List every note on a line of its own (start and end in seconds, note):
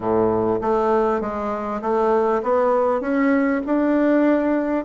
0.00 0.60 A2
0.61 1.20 A3
1.20 1.81 G#3
1.81 2.42 A3
2.42 3.00 B3
3.00 3.61 C#4
3.66 4.85 D4